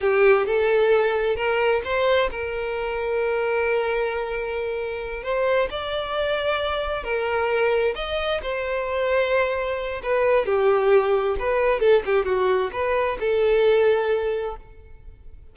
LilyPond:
\new Staff \with { instrumentName = "violin" } { \time 4/4 \tempo 4 = 132 g'4 a'2 ais'4 | c''4 ais'2.~ | ais'2.~ ais'8 c''8~ | c''8 d''2. ais'8~ |
ais'4. dis''4 c''4.~ | c''2 b'4 g'4~ | g'4 b'4 a'8 g'8 fis'4 | b'4 a'2. | }